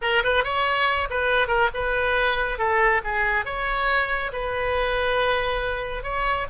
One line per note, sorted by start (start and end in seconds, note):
0.01 0.23 A#4
0.23 0.43 B4
0.43 1.08 C#5
1.09 1.47 B4
1.47 1.69 A#4
1.73 2.58 B4
2.58 3.01 A4
3.04 3.45 G#4
3.45 4.31 C#5
4.32 6.03 B4
6.03 6.46 C#5